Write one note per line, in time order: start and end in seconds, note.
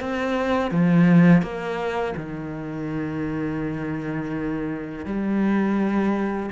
0.00 0.71 C4
0.71 1.42 F3
1.42 2.14 A#3
2.17 5.05 D#3
5.05 6.50 G3